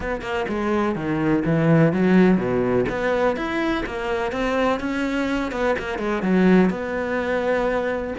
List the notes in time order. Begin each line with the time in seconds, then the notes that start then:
0.00 B3
0.21 A#3
0.48 G#3
0.95 D#3
1.45 E3
1.92 F#3
2.37 B2
2.89 B3
3.36 E4
3.86 A#3
4.32 C4
4.79 C#4
5.51 B3
5.78 A#3
5.98 G#3
6.22 F#3
6.70 B3